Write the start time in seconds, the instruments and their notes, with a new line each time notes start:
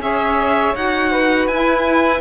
0.00 cello C#4, saxophone G#4, flute C#5, violin E5
0.75 cello D#4, saxophone F#4, violin F#5
1.12 flute B4
1.47 cello E4, saxophone E4, violin G#5